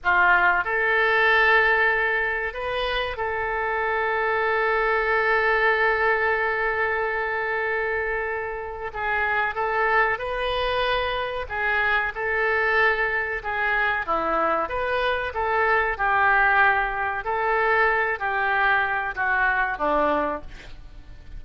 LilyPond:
\new Staff \with { instrumentName = "oboe" } { \time 4/4 \tempo 4 = 94 f'4 a'2. | b'4 a'2.~ | a'1~ | a'2 gis'4 a'4 |
b'2 gis'4 a'4~ | a'4 gis'4 e'4 b'4 | a'4 g'2 a'4~ | a'8 g'4. fis'4 d'4 | }